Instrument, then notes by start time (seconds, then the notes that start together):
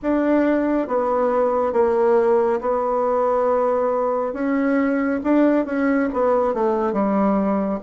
bassoon
0.02 D4
0.87 B3
1.72 A#3
2.60 B3
4.33 C#4
5.23 D4
5.65 C#4
6.13 B3
6.53 A3
6.92 G3